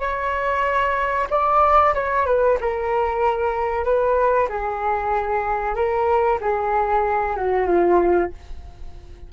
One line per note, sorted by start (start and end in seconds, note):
0.00 1.28 C#5
1.31 1.94 D5
1.95 2.26 C#5
2.26 2.58 B4
2.61 3.85 A#4
3.85 4.49 B4
4.49 5.76 G#4
5.76 6.39 A#4
6.41 7.37 G#4
7.37 7.67 F#4
7.67 8.31 F4